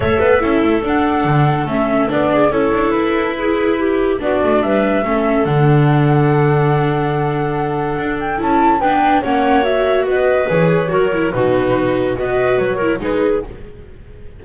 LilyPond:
<<
  \new Staff \with { instrumentName = "flute" } { \time 4/4 \tempo 4 = 143 e''2 fis''2 | e''4 d''4 cis''4 b'4~ | b'2 d''4 e''4~ | e''4 fis''2.~ |
fis''2.~ fis''8 g''8 | a''4 g''4 fis''4 e''4 | dis''4 cis''2 b'4~ | b'4 dis''4 cis''4 b'4 | }
  \new Staff \with { instrumentName = "clarinet" } { \time 4/4 cis''8 b'8 a'2.~ | a'4. gis'8 a'2 | gis'4 g'4 fis'4 b'4 | a'1~ |
a'1~ | a'4 b'4 cis''2 | b'2 ais'4 fis'4~ | fis'4 b'4. ais'8 gis'4 | }
  \new Staff \with { instrumentName = "viola" } { \time 4/4 a'4 e'4 d'2 | cis'4 d'4 e'2~ | e'2 d'2 | cis'4 d'2.~ |
d'1 | e'4 d'4 cis'4 fis'4~ | fis'4 gis'4 fis'8 e'8 dis'4~ | dis'4 fis'4. e'8 dis'4 | }
  \new Staff \with { instrumentName = "double bass" } { \time 4/4 a8 b8 cis'8 a8 d'4 d4 | a4 b4 cis'8 d'8 e'4~ | e'2 b8 a8 g4 | a4 d2.~ |
d2. d'4 | cis'4 b4 ais2 | b4 e4 fis4 b,4~ | b,4 b4 fis4 gis4 | }
>>